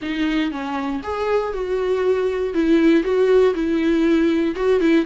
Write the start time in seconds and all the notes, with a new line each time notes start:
0.02 D#4
0.51 C#4
1.03 G#4
1.53 F#4
2.53 E4
3.03 F#4
3.54 E4
4.55 F#4
4.80 E4